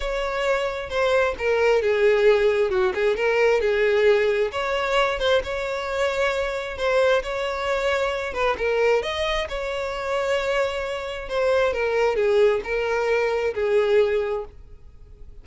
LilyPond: \new Staff \with { instrumentName = "violin" } { \time 4/4 \tempo 4 = 133 cis''2 c''4 ais'4 | gis'2 fis'8 gis'8 ais'4 | gis'2 cis''4. c''8 | cis''2. c''4 |
cis''2~ cis''8 b'8 ais'4 | dis''4 cis''2.~ | cis''4 c''4 ais'4 gis'4 | ais'2 gis'2 | }